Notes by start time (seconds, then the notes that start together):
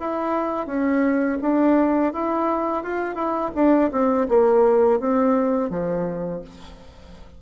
0.00 E4
0.67 C#4
1.42 D4
2.13 E4
2.83 F4
3.15 E4
3.55 D4
3.92 C4
4.29 A#3
5.00 C4
5.70 F3